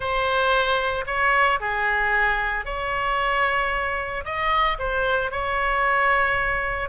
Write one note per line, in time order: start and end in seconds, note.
0.00 1.04 C5
1.06 1.59 C#5
1.60 2.65 G#4
2.65 4.24 C#5
4.24 4.77 D#5
4.78 5.31 C5
5.31 6.89 C#5